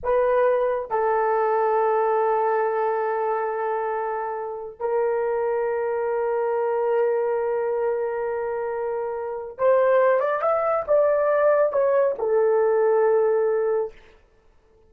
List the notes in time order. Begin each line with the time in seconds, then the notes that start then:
0.03 B4
0.90 A4
4.79 A#4
9.58 C5
10.20 D5
10.41 E5
10.87 D5
11.72 C#5
12.18 A4